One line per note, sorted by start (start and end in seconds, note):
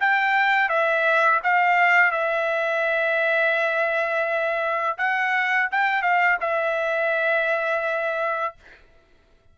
0.00 0.69 G5
0.69 1.40 E5
1.44 2.12 F5
2.12 4.97 E5
4.98 5.69 F#5
5.71 6.02 G5
6.02 6.38 F5
6.41 8.55 E5